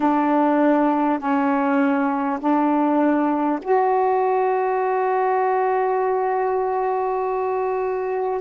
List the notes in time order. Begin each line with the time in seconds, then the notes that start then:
0.00 D4
1.19 C#4
2.39 D4
3.62 F#4